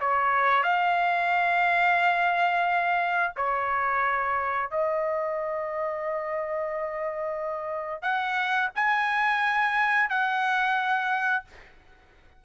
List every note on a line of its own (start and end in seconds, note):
0.00 0.63 C#5
0.63 3.32 F5
3.36 4.70 C#5
4.70 8.02 D#5
8.02 8.69 F#5
8.75 10.09 G#5
10.09 11.44 F#5